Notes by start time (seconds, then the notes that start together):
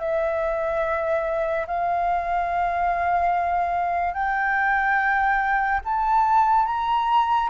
0.00 E5
1.67 F5
4.14 G5
5.85 A5
6.66 A#5